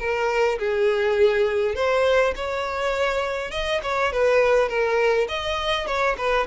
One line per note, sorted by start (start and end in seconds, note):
0.00 0.59 A#4
0.59 1.75 G#4
1.75 2.34 C5
2.36 3.52 C#5
3.52 3.81 D#5
3.83 4.13 C#5
4.13 4.69 B4
4.69 5.28 A#4
5.29 5.87 D#5
5.87 6.16 C#5
6.18 6.47 B4